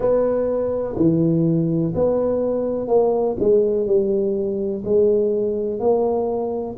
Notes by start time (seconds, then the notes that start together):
0.00 B3
0.96 E3
1.94 B3
2.87 A#3
3.39 G#3
3.86 G3
4.84 G#3
5.79 A#3